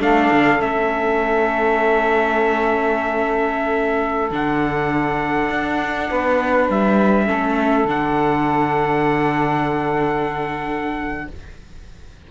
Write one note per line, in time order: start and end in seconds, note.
0.00 0.30 A3
0.00 0.59 D4
0.00 6.10 A4
0.00 0.62 F5
0.32 0.60 D3
0.60 4.31 A3
0.60 4.31 C#4
0.60 4.33 E5
4.31 5.50 D3
4.31 7.26 D4
4.31 6.71 F#5
5.50 6.10 D4
6.10 6.70 B3
6.10 7.27 B4
6.70 7.29 G3
6.70 7.89 E5
7.26 7.85 A3
7.26 7.86 C#4
7.26 11.28 A4
7.85 11.27 D3
7.85 11.30 D4
7.85 11.31 F#5